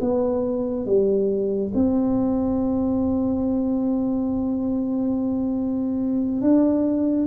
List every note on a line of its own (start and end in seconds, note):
0.00 0.86 B3
0.86 1.72 G3
1.74 6.41 C4
6.41 7.27 D4